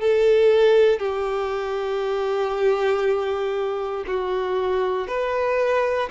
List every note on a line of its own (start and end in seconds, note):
0.00 0.99 A4
0.99 4.04 G4
4.07 5.08 F#4
5.08 6.09 B4